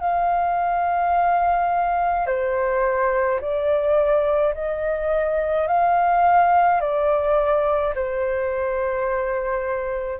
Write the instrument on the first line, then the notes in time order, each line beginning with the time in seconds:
flute
0.00 F5
2.26 C5
3.40 D5
4.54 D#5
5.67 F5
6.80 D5
7.95 C5